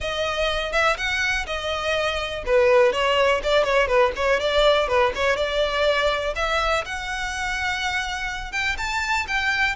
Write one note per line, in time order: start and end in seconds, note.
0.00 0.72 D#5
0.72 0.96 E5
0.97 1.45 F#5
1.46 2.43 D#5
2.45 2.92 B4
2.92 3.41 C#5
3.43 3.63 D5
3.63 3.87 C#5
3.87 4.12 B4
4.16 4.40 C#5
4.40 4.88 D5
4.88 5.12 B4
5.15 5.36 C#5
5.36 6.34 D5
6.35 6.84 E5
6.85 8.52 F#5
8.52 8.76 G5
8.77 9.26 A5
9.27 9.75 G5